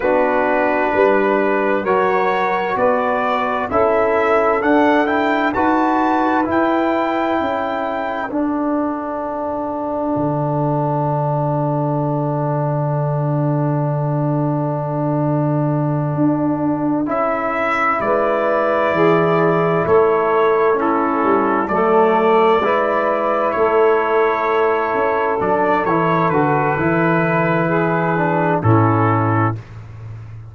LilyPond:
<<
  \new Staff \with { instrumentName = "trumpet" } { \time 4/4 \tempo 4 = 65 b'2 cis''4 d''4 | e''4 fis''8 g''8 a''4 g''4~ | g''4 fis''2.~ | fis''1~ |
fis''2~ fis''8 e''4 d''8~ | d''4. cis''4 a'4 d''8~ | d''4. cis''2 d''8 | cis''8 b'2~ b'8 a'4 | }
  \new Staff \with { instrumentName = "saxophone" } { \time 4/4 fis'4 b'4 ais'4 b'4 | a'2 b'2 | a'1~ | a'1~ |
a'2.~ a'8 b'8~ | b'8 gis'4 a'4 e'4 a'8~ | a'8 b'4 a'2~ a'8~ | a'2 gis'4 e'4 | }
  \new Staff \with { instrumentName = "trombone" } { \time 4/4 d'2 fis'2 | e'4 d'8 e'8 fis'4 e'4~ | e'4 d'2.~ | d'1~ |
d'2~ d'8 e'4.~ | e'2~ e'8 cis'4 a8~ | a8 e'2. d'8 | e'8 fis'8 e'4. d'8 cis'4 | }
  \new Staff \with { instrumentName = "tuba" } { \time 4/4 b4 g4 fis4 b4 | cis'4 d'4 dis'4 e'4 | cis'4 d'2 d4~ | d1~ |
d4. d'4 cis'4 gis8~ | gis8 e4 a4. g8 fis8~ | fis8 gis4 a4. cis'8 fis8 | e8 d8 e2 a,4 | }
>>